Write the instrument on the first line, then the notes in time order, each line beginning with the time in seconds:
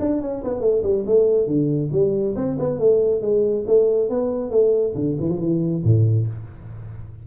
tuba
0.00 D4
0.21 C#4
0.44 B3
0.60 A3
0.83 G3
1.06 A3
1.47 D3
1.92 G3
2.36 C4
2.59 B3
2.79 A3
3.22 G#3
3.67 A3
4.09 B3
4.51 A3
4.95 D3
5.20 E3
5.29 F3
5.40 E3
5.84 A2